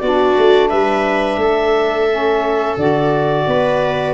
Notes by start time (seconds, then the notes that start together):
0.00 B3 D4 F#4 D5
0.38 A3
0.69 G3 B4 E5
1.37 A3 A4
2.10 C#4
2.77 D3 F#4 D5
3.47 B3 B4